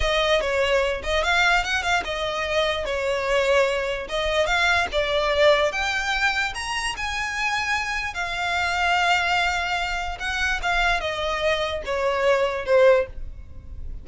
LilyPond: \new Staff \with { instrumentName = "violin" } { \time 4/4 \tempo 4 = 147 dis''4 cis''4. dis''8 f''4 | fis''8 f''8 dis''2 cis''4~ | cis''2 dis''4 f''4 | d''2 g''2 |
ais''4 gis''2. | f''1~ | f''4 fis''4 f''4 dis''4~ | dis''4 cis''2 c''4 | }